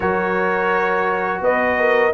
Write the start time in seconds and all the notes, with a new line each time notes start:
0.00 F#3 F#4 A#4 C#5
1.40 B3 B4 D#5
1.79 A#4